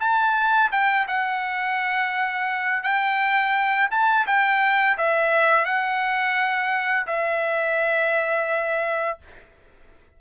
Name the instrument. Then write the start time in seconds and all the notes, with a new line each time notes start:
trumpet
0.00 A5
0.72 G5
1.07 F#5
2.83 G5
3.91 A5
4.27 G5
4.98 E5
5.65 F#5
7.07 E5